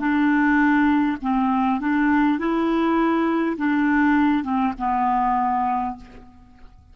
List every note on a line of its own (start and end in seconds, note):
0.00 1.18 D4
1.22 1.81 C4
1.81 2.39 D4
2.39 3.57 E4
3.58 4.44 D4
4.44 4.73 C4
4.79 5.96 B3